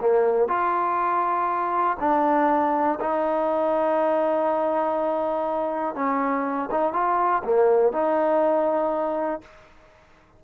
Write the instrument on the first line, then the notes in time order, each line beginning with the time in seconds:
trombone
0.00 A#3
0.48 F4
2.00 D4
3.00 D#4
5.95 C#4
6.71 D#4
6.93 F4
7.44 A#3
7.92 D#4